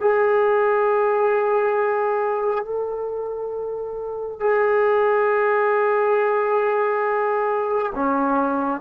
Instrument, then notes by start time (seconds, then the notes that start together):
trombone
0.00 G#4
2.64 A4
4.40 G#4
7.95 C#4